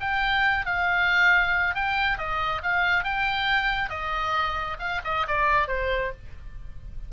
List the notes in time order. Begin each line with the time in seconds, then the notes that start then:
0.00 G5
0.65 F5
1.74 G5
2.18 D#5
2.62 F5
3.04 G5
3.89 D#5
4.79 F5
5.04 D#5
5.27 D5
5.68 C5